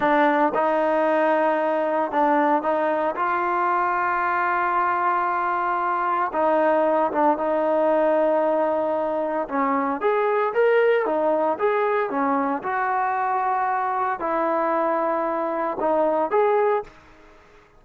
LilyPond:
\new Staff \with { instrumentName = "trombone" } { \time 4/4 \tempo 4 = 114 d'4 dis'2. | d'4 dis'4 f'2~ | f'1 | dis'4. d'8 dis'2~ |
dis'2 cis'4 gis'4 | ais'4 dis'4 gis'4 cis'4 | fis'2. e'4~ | e'2 dis'4 gis'4 | }